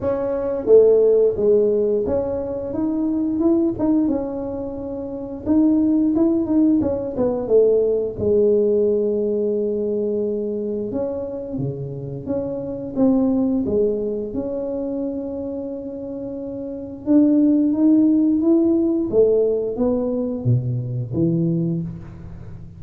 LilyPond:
\new Staff \with { instrumentName = "tuba" } { \time 4/4 \tempo 4 = 88 cis'4 a4 gis4 cis'4 | dis'4 e'8 dis'8 cis'2 | dis'4 e'8 dis'8 cis'8 b8 a4 | gis1 |
cis'4 cis4 cis'4 c'4 | gis4 cis'2.~ | cis'4 d'4 dis'4 e'4 | a4 b4 b,4 e4 | }